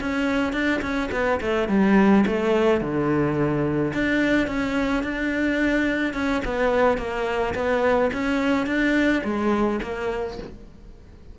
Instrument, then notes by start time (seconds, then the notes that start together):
cello
0.00 C#4
0.53 D4
0.81 C#4
1.11 B3
1.40 A3
1.68 G3
2.26 A3
2.80 D3
3.93 D4
4.47 C#4
5.03 D4
6.13 C#4
6.44 B3
6.97 A#3
7.54 B3
8.13 C#4
8.66 D4
9.23 G#3
9.82 A#3